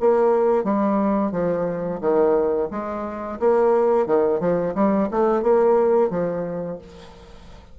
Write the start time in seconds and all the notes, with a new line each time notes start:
0.00 A#3
0.64 G3
1.32 F3
2.01 D#3
2.71 G#3
3.40 A#3
4.07 D#3
4.40 F3
4.75 G3
5.11 A3
5.42 A#3
6.10 F3